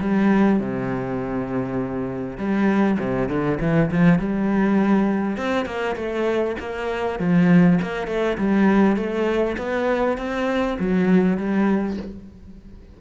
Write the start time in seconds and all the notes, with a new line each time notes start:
0.00 G3
0.60 C3
2.38 G3
2.99 C3
3.29 D3
3.60 E3
3.91 F3
4.19 G3
5.37 C4
5.66 A#3
5.96 A3
6.60 A#3
7.19 F3
7.82 A#3
8.07 A3
8.38 G3
8.96 A3
9.58 B3
10.18 C4
10.79 F#3
11.37 G3